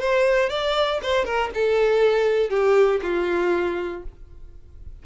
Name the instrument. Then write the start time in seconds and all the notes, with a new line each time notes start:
violin
0.00 C5
0.50 D5
1.02 C5
1.25 A#4
1.54 A4
2.50 G4
3.02 F4